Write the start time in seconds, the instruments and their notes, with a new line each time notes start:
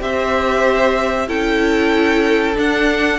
0.00 cello C4, viola G4, violin C5 E5
1.28 cello C#4, viola E4, violin A4 G5
2.55 viola D4, cello D4, violin F#5